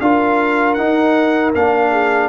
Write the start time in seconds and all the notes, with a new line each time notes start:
0.00 D4 F4 A#4 F5
0.74 D#4 F#5
1.55 A#3 D4 F5
1.91 G#4